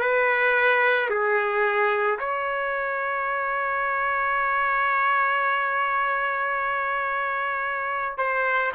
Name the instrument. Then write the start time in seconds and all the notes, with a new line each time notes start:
trumpet
0.00 B4
1.10 G#4
2.19 C#5
8.18 C5